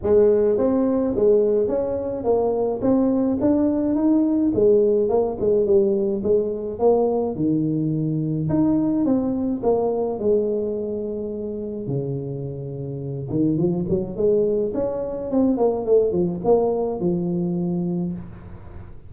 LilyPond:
\new Staff \with { instrumentName = "tuba" } { \time 4/4 \tempo 4 = 106 gis4 c'4 gis4 cis'4 | ais4 c'4 d'4 dis'4 | gis4 ais8 gis8 g4 gis4 | ais4 dis2 dis'4 |
c'4 ais4 gis2~ | gis4 cis2~ cis8 dis8 | f8 fis8 gis4 cis'4 c'8 ais8 | a8 f8 ais4 f2 | }